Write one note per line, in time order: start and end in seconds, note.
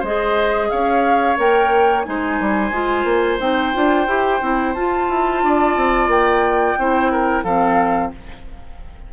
0.00 0.71 G#3
0.00 1.37 G#4
0.00 0.67 C5
0.00 0.70 D#5
0.70 1.38 C#4
0.70 2.06 C#5
0.70 1.37 F5
1.37 2.06 A#3
1.37 2.04 A#4
1.37 2.03 G5
2.03 2.40 G#3
2.03 2.72 D#4
2.03 3.38 G#5
2.09 5.45 C5
2.40 2.71 G3
2.71 3.04 G#3
2.71 3.40 F4
3.04 3.38 A#3
3.40 3.73 C4
3.40 3.73 D#4
3.40 4.74 G5
3.73 4.07 D4
3.73 4.07 F4
4.07 4.41 E4
4.07 4.41 G4
4.41 4.75 C4
4.41 4.75 E4
4.74 5.09 F4
4.74 6.79 F4
4.74 6.09 A5
5.09 5.43 E4
5.43 5.76 D4
5.43 6.79 D5
5.76 6.07 C4
6.07 6.75 A#3
6.07 7.44 G5
6.78 7.44 C4
6.78 7.46 E4
6.78 7.12 C5
7.12 7.44 A#4
7.44 8.11 F3
7.44 8.13 C4
7.44 8.11 A4
7.44 8.11 F5